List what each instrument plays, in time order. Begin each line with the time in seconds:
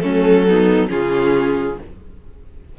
0.00 cello F#3, viola A3, violin C#4 A4
0.49 viola B3, violin D#4
0.88 cello C#3, viola C#4, violin F4 G#4